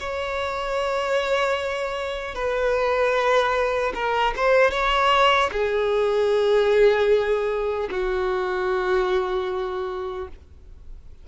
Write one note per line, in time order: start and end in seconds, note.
0.00 2.35 C#5
2.35 3.93 B4
3.95 4.34 A#4
4.37 4.71 C5
4.71 5.50 C#5
5.52 7.89 G#4
7.91 10.28 F#4